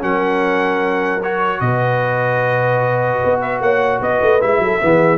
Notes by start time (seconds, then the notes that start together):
0.00 F#3 C#4 A#4 F#5
1.22 F#4 C#5
1.60 B2 B4 D#5
3.24 B3
3.41 E5
3.60 A#3 C#5 F#5
4.00 B3 B4 D#5
4.21 A3
4.40 G#3 E4 E5
4.58 F#3 A4
4.81 E3 B3 G#4